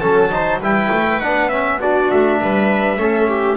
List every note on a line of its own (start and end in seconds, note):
0.00 0.60 F#3
0.00 0.31 C#4
0.00 0.30 A4
0.00 0.59 A5
0.31 0.60 D#4
0.31 0.60 C5
0.60 0.89 G3
0.60 1.22 E4
0.60 1.79 B4
0.60 1.20 G5
0.92 1.22 A3
1.20 2.12 B3
1.20 1.51 D4
1.20 1.49 F#5
1.49 1.81 C#4
1.49 1.79 E5
1.80 2.98 D4
1.80 2.39 F#4
1.80 2.11 D5
2.11 2.42 A3
2.11 3.57 E5
2.40 2.97 G3
2.40 2.99 B4
2.97 3.57 A3
2.97 3.57 C#4
2.97 3.28 A4
3.28 3.57 G4